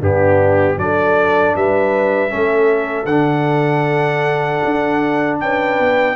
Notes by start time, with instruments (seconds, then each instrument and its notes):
0.00 tuba G2, trombone B3, horn D4, trumpet G4
0.77 tuba F#3, trombone D4, horn A4, trumpet D5
1.56 tuba G3, horn B4, trumpet E5
2.29 tuba A3, trombone C#4, horn A4
3.06 tuba D3, trombone D4, trumpet F#5
4.65 tuba D4
5.41 tuba C#4, horn B4, trumpet G5
5.80 tuba B3